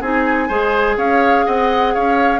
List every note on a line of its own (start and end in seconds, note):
0.00 0.49 C4
0.00 0.49 D#4
0.00 0.48 G#4
0.00 0.98 G#5
0.48 0.96 G#3
0.48 2.40 G#4
0.48 0.96 C5
0.96 1.45 C#4
0.96 1.45 C#5
0.96 1.46 F5
1.45 1.95 C4
1.45 1.94 D#5
1.45 1.94 F#5
1.94 2.40 C#4
1.94 2.40 C#5
1.94 2.40 F5